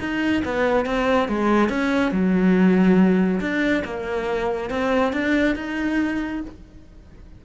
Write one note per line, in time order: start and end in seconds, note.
0.00 0.43 D#4
0.45 0.86 B3
0.86 1.29 C4
1.29 1.70 G#3
1.70 2.12 C#4
2.12 3.41 F#3
3.41 3.84 D4
3.85 4.71 A#3
4.71 5.13 C4
5.13 5.56 D4
5.56 6.42 D#4